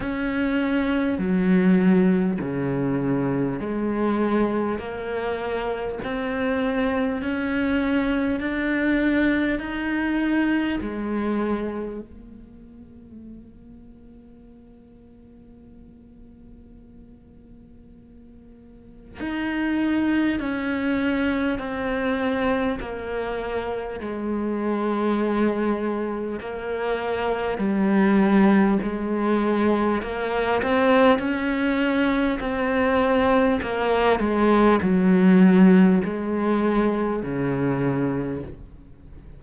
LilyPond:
\new Staff \with { instrumentName = "cello" } { \time 4/4 \tempo 4 = 50 cis'4 fis4 cis4 gis4 | ais4 c'4 cis'4 d'4 | dis'4 gis4 ais2~ | ais1 |
dis'4 cis'4 c'4 ais4 | gis2 ais4 g4 | gis4 ais8 c'8 cis'4 c'4 | ais8 gis8 fis4 gis4 cis4 | }